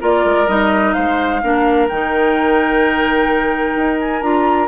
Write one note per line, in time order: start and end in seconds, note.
0.00 0.25 A#3
0.00 0.47 F4
0.00 0.94 A#4
0.00 0.48 D5
0.25 0.47 G#3
0.47 0.94 G3
0.47 1.41 D#4
0.47 0.93 D#5
0.93 1.43 G#3
0.93 1.41 C5
0.93 1.87 F5
1.42 1.90 A#3
1.42 1.89 D4
1.42 4.67 A#4
1.88 3.75 D#3
1.88 4.22 D#4
1.88 3.99 G5
3.75 4.21 D#4
3.99 4.21 G#5
4.21 4.67 D4
4.21 4.67 F4
4.21 4.67 A#5